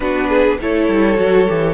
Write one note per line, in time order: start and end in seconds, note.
0.00 0.58 B3
0.00 0.59 D4
0.00 0.28 F#4
0.00 0.58 B4
0.28 0.58 G#4
0.60 0.88 A3
0.60 1.16 E4
0.60 1.74 A4
0.60 1.74 C#5
0.88 1.18 G3
1.16 1.48 F#3
1.16 1.46 F#4
1.48 1.74 E3
1.48 1.74 G4